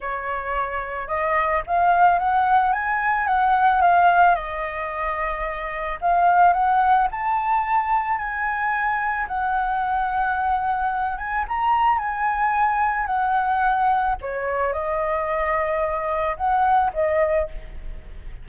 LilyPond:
\new Staff \with { instrumentName = "flute" } { \time 4/4 \tempo 4 = 110 cis''2 dis''4 f''4 | fis''4 gis''4 fis''4 f''4 | dis''2. f''4 | fis''4 a''2 gis''4~ |
gis''4 fis''2.~ | fis''8 gis''8 ais''4 gis''2 | fis''2 cis''4 dis''4~ | dis''2 fis''4 dis''4 | }